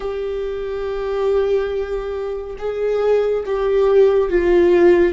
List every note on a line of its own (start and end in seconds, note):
0.00 2.56 G4
2.58 3.44 G#4
3.45 4.29 G4
4.29 5.13 F4